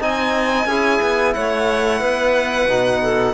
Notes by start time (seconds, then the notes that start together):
0.00 C4 D#4 D#5 G#5
0.66 C#4 E4 G#4
1.02 B3
1.34 A3 C#5 F#5
2.00 B3 B4
2.65 B2 D#4
3.03 A4